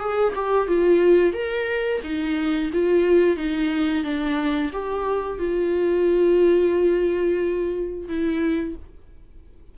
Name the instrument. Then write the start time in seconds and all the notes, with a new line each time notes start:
viola
0.00 G#4
0.36 G4
0.68 F4
1.34 A#4
2.03 D#4
2.73 F4
3.37 D#4
4.04 D4
4.73 G4
5.39 F4
8.08 E4